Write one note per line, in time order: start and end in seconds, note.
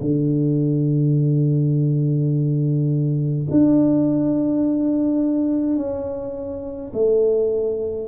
0.00 3.46 D3
3.50 5.76 D4
5.76 6.91 C#4
6.93 8.07 A3